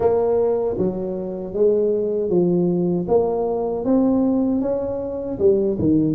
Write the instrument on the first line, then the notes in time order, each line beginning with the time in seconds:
tuba
0.00 A#3
0.77 F#3
1.53 G#3
2.29 F3
3.08 A#3
3.85 C4
4.61 C#4
5.38 G3
5.78 D#3